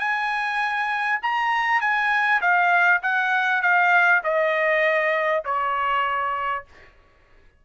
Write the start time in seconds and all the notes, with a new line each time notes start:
0.00 G#5
1.23 A#5
1.81 G#5
2.41 F5
3.03 F#5
3.62 F5
4.24 D#5
5.45 C#5